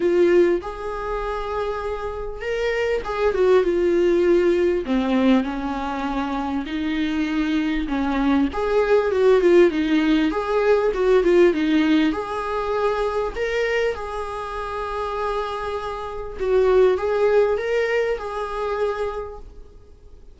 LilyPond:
\new Staff \with { instrumentName = "viola" } { \time 4/4 \tempo 4 = 99 f'4 gis'2. | ais'4 gis'8 fis'8 f'2 | c'4 cis'2 dis'4~ | dis'4 cis'4 gis'4 fis'8 f'8 |
dis'4 gis'4 fis'8 f'8 dis'4 | gis'2 ais'4 gis'4~ | gis'2. fis'4 | gis'4 ais'4 gis'2 | }